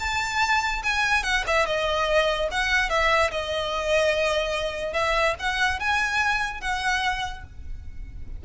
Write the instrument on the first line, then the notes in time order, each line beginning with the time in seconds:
violin
0.00 A5
0.84 G#5
1.24 F#5
1.47 E5
1.66 D#5
2.51 F#5
2.90 E5
3.31 D#5
4.94 E5
5.39 F#5
5.80 G#5
6.61 F#5